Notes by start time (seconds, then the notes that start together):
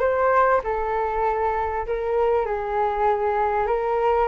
0.00 C5
0.64 A4
1.87 A#4
2.46 G#4
3.67 A#4